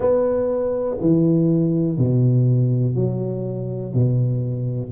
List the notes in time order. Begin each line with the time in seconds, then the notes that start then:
0.00 B3
1.01 E3
1.98 B2
2.95 F#3
3.93 B2